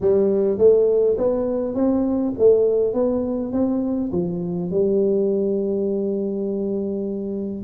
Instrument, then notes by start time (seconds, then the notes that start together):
tuba
0.01 G3
0.57 A3
1.17 B3
1.75 C4
2.38 A3
2.93 B3
3.52 C4
4.12 F3
4.70 G3